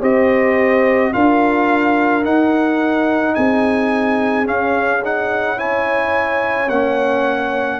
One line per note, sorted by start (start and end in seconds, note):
0.00 1.13 C4
0.00 1.12 G4
0.00 1.11 C5
0.00 1.13 D#5
1.12 2.24 D4
1.12 2.23 F4
1.12 3.35 A#4
1.12 2.24 F5
2.23 4.44 D#4
2.23 3.35 D#4
2.23 3.34 F#5
3.34 4.48 C4
3.34 5.57 G#4
3.34 4.46 G#5
4.44 5.00 C#4
4.44 6.69 C#4
4.44 5.03 F5
5.04 5.57 D#4
5.04 5.59 F#5
5.57 6.68 E4
5.57 7.79 C#5
5.57 6.69 G#5
6.69 7.80 A#3
6.69 7.80 C#4
6.69 7.80 F#5